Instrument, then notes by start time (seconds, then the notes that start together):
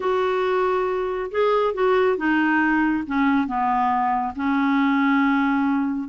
clarinet
0.00 F#4
1.31 G#4
1.74 F#4
2.17 D#4
3.07 C#4
3.47 B3
4.35 C#4